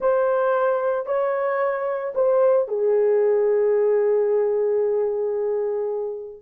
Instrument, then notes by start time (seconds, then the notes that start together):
horn
0.00 C5
1.06 C#5
2.15 C5
2.68 G#4